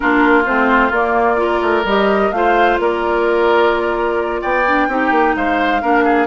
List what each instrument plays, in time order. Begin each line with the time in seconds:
0.00 bassoon A#3, clarinet D4, oboe F4, flute A#4
0.45 bassoon A3, clarinet C4, flute C5
0.91 bassoon A#3, clarinet A#3, flute D5
1.36 clarinet F4, oboe A#4
1.61 bassoon A3
1.84 bassoon G3, clarinet G4, flute D#5
2.31 bassoon A3, clarinet F4, oboe C5, flute F5
2.78 bassoon A#3, oboe A#4, flute D5
4.41 bassoon B3, oboe D5, flute G5
4.66 clarinet D4
4.88 bassoon C4, clarinet D#4, oboe G4
5.10 bassoon A#3
5.35 bassoon G#3, oboe C5, flute F5
5.81 bassoon A#3, clarinet D4, oboe A#4
6.04 oboe G#4